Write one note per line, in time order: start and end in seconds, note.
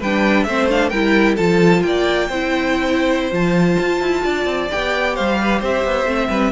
0.00 0.46 G3
0.00 0.49 D4
0.00 0.46 B4
0.00 0.44 G5
0.44 0.92 A3
0.44 0.69 C4
0.44 0.90 C5
0.44 0.67 E5
0.69 0.92 D4
0.69 0.89 F5
0.89 1.38 G3
0.89 1.38 E4
0.89 1.36 A#4
0.89 1.35 G5
1.36 1.84 F3
1.36 2.30 F4
1.36 1.81 A4
1.36 1.83 A5
1.83 2.29 A#3
1.83 2.28 D5
1.83 3.32 G5
2.28 3.32 C4
2.28 3.32 E4
2.28 4.23 C5
3.32 3.78 F3
3.32 4.69 F4
3.32 4.71 A5
3.79 4.01 F4
4.01 4.24 E4
4.24 4.45 D4
4.24 5.15 D5
4.45 4.68 C4
4.71 5.19 B3
4.71 6.06 G4
4.71 5.16 G5
5.15 5.62 G3
5.15 5.38 C5
5.15 5.62 F5
5.41 5.59 B4
5.59 5.85 C4
5.59 6.28 C5
5.59 6.52 E5
5.85 6.06 B3
6.06 6.29 A3
6.06 6.52 C4
6.29 6.52 G3
6.29 6.52 B4